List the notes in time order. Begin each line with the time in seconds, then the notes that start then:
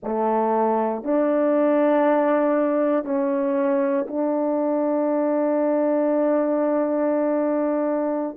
0.03 A3
1.03 D4
3.04 C#4
4.07 D4